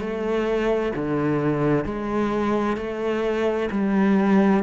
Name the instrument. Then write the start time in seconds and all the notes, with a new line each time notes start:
cello
0.00 A3
0.95 D3
1.85 G#3
2.77 A3
3.71 G3